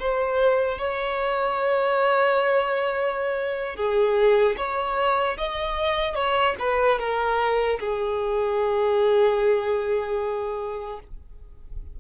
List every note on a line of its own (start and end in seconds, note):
0.00 0.79 C5
0.79 3.76 C#5
3.76 4.56 G#4
4.57 5.37 C#5
5.38 6.16 D#5
6.16 6.56 C#5
6.60 7.00 B4
7.00 7.80 A#4
7.80 11.00 G#4